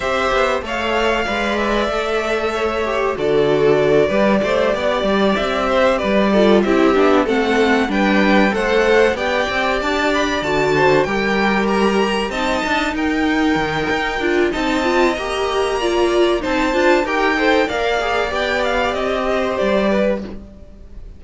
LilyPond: <<
  \new Staff \with { instrumentName = "violin" } { \time 4/4 \tempo 4 = 95 e''4 f''4. e''4.~ | e''4 d''2.~ | d''8 e''4 d''4 e''4 fis''8~ | fis''8 g''4 fis''4 g''4 a''8 |
b''8 a''4 g''4 ais''4 a''8~ | a''8 g''2~ g''8 a''4 | ais''2 a''4 g''4 | f''4 g''8 f''8 dis''4 d''4 | }
  \new Staff \with { instrumentName = "violin" } { \time 4/4 c''4 cis''4 d''2 | cis''4 a'4. b'8 c''8 d''8~ | d''4 c''8 b'8 a'8 g'4 a'8~ | a'8 b'4 c''4 d''4.~ |
d''4 c''8 ais'2 dis''8~ | dis''8 ais'2~ ais'8 dis''4~ | dis''4 d''4 c''4 ais'8 c''8 | d''2~ d''8 c''4 b'8 | }
  \new Staff \with { instrumentName = "viola" } { \time 4/4 g'4 a'4 b'4 a'4~ | a'8 g'8 fis'4. g'4.~ | g'2 f'8 e'8 d'8 c'8~ | c'8 d'4 a'4 g'4.~ |
g'8 fis'4 g'2 dis'8~ | dis'2~ dis'8 f'8 dis'8 f'8 | g'4 f'4 dis'8 f'8 g'8 a'8 | ais'8 gis'8 g'2. | }
  \new Staff \with { instrumentName = "cello" } { \time 4/4 c'8 b8 a4 gis4 a4~ | a4 d4. g8 a8 b8 | g8 c'4 g4 c'8 b8 a8~ | a8 g4 a4 b8 c'8 d'8~ |
d'8 d4 g2 c'8 | d'8 dis'4 dis8 dis'8 d'8 c'4 | ais2 c'8 d'8 dis'4 | ais4 b4 c'4 g4 | }
>>